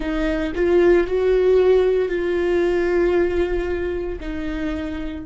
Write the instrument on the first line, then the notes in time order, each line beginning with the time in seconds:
viola
0.00 D#4
0.55 F4
1.07 F#4
2.08 F4
4.20 D#4